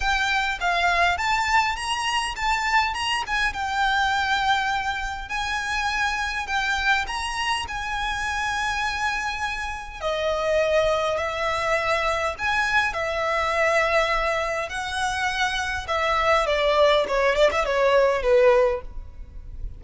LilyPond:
\new Staff \with { instrumentName = "violin" } { \time 4/4 \tempo 4 = 102 g''4 f''4 a''4 ais''4 | a''4 ais''8 gis''8 g''2~ | g''4 gis''2 g''4 | ais''4 gis''2.~ |
gis''4 dis''2 e''4~ | e''4 gis''4 e''2~ | e''4 fis''2 e''4 | d''4 cis''8 d''16 e''16 cis''4 b'4 | }